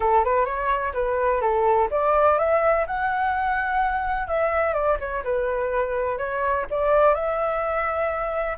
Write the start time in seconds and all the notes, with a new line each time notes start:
0.00 A4
0.24 B4
0.45 C#5
0.93 B4
1.41 A4
1.90 D5
2.38 E5
2.86 F#5
4.27 E5
4.73 D5
4.99 C#5
5.24 B4
6.18 C#5
6.70 D5
7.14 E5